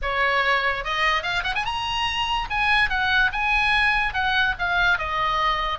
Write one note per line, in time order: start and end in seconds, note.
0.02 0.84 C#5
0.84 1.22 D#5
1.22 1.43 F5
1.43 1.54 F#5
1.55 1.65 G#5
1.65 2.48 A#5
2.50 2.89 G#5
2.89 3.31 F#5
3.32 4.13 G#5
4.13 4.55 F#5
4.58 4.98 F5
4.98 5.78 D#5